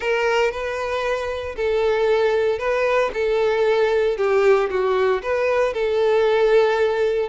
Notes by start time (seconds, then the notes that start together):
0.00 A#4
0.51 B4
1.55 A4
2.58 B4
3.13 A4
4.17 G4
4.70 F#4
5.22 B4
5.73 A4